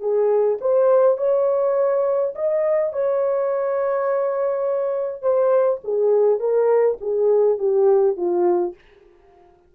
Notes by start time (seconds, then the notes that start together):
0.00 G#4
0.61 C5
1.17 C#5
2.35 D#5
2.93 C#5
5.22 C5
5.84 G#4
6.39 A#4
7.01 G#4
7.58 G4
8.17 F4